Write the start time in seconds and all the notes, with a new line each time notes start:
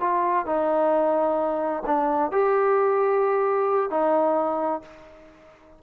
0.00 F4
0.46 D#4
1.86 D4
2.32 G4
3.90 D#4